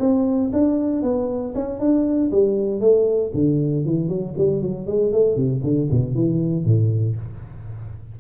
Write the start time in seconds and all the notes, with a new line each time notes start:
0.00 C4
0.54 D4
1.03 B3
1.55 C#4
1.80 D4
2.32 G3
2.81 A3
3.34 D3
3.86 E3
4.09 F#3
4.38 G3
4.62 F#3
4.87 G#3
5.13 A3
5.37 C3
5.64 D3
5.91 B2
6.15 E3
6.65 A2